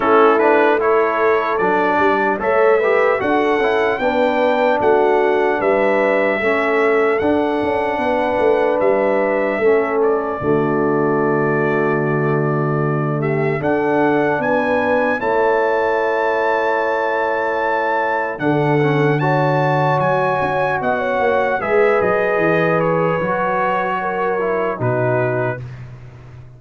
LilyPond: <<
  \new Staff \with { instrumentName = "trumpet" } { \time 4/4 \tempo 4 = 75 a'8 b'8 cis''4 d''4 e''4 | fis''4 g''4 fis''4 e''4~ | e''4 fis''2 e''4~ | e''8 d''2.~ d''8~ |
d''8 e''8 fis''4 gis''4 a''4~ | a''2. fis''4 | a''4 gis''4 fis''4 e''8 dis''8~ | dis''8 cis''2~ cis''8 b'4 | }
  \new Staff \with { instrumentName = "horn" } { \time 4/4 e'4 a'4. d''8 cis''8 b'8 | a'4 b'4 fis'4 b'4 | a'2 b'2 | a'4 fis'2.~ |
fis'8 g'8 a'4 b'4 cis''4~ | cis''2. a'4 | cis''2 dis''16 cis''8. b'4~ | b'2 ais'4 fis'4 | }
  \new Staff \with { instrumentName = "trombone" } { \time 4/4 cis'8 d'8 e'4 d'4 a'8 g'8 | fis'8 e'8 d'2. | cis'4 d'2. | cis'4 a2.~ |
a4 d'2 e'4~ | e'2. d'8 cis'8 | fis'2. gis'4~ | gis'4 fis'4. e'8 dis'4 | }
  \new Staff \with { instrumentName = "tuba" } { \time 4/4 a2 fis8 g8 a4 | d'8 cis'8 b4 a4 g4 | a4 d'8 cis'8 b8 a8 g4 | a4 d2.~ |
d4 d'4 b4 a4~ | a2. d4~ | d4 fis8 cis'8 b8 ais8 gis8 fis8 | e4 fis2 b,4 | }
>>